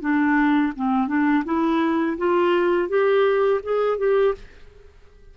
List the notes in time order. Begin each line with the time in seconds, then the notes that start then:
0.00 D4
0.76 C4
1.07 D4
1.45 E4
2.17 F4
2.88 G4
3.63 G#4
3.98 G4